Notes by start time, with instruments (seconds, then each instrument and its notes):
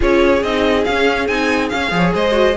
0.00 cello C#4, viola F4, violin G#4 C#5
0.42 cello C4, viola D#4, violin D#5
0.84 cello C#4, viola C#4, violin F5
1.27 cello C4, viola D#4, violin G#5
1.68 viola C#4, cello C#4, violin F5
1.90 cello F3, viola G#4, violin C#5
2.14 cello G#3, violin C5 D#5
2.31 viola F#4